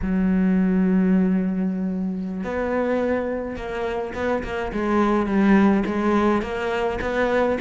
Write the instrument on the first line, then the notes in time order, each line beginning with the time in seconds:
cello
0.02 F#3
2.43 B3
3.56 A#3
4.14 B3
4.43 A#3
4.72 G#3
5.26 G3
5.86 G#3
6.42 A#3
7.01 B3